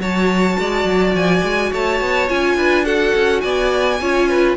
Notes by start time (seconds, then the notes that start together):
0.00 F#3 F#4 C#5 A5
0.59 G#3 D5
0.85 F#3
1.14 F3 G#5
1.44 G#3
1.71 A3 C#5 A5
2.01 B3
2.29 C#4 F4 G#5
2.56 D4 B4
2.85 F#4 A4 F#5
3.15 C#4
3.41 B3 D5 G#5
4.01 C#4 F4 C#5
4.29 B4